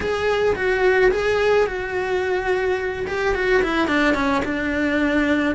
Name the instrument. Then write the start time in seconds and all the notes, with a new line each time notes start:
cello
0.00 G#4
0.55 F#4
1.11 G#4
1.67 F#4
3.07 G4
3.34 F#4
3.62 E4
3.87 D4
4.14 C#4
4.44 D4